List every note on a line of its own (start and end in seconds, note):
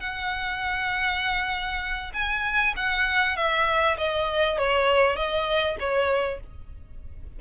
0.00 2.12 F#5
2.13 2.74 G#5
2.76 3.36 F#5
3.36 3.97 E5
3.97 4.58 D#5
4.58 5.16 C#5
5.16 5.76 D#5
5.79 6.40 C#5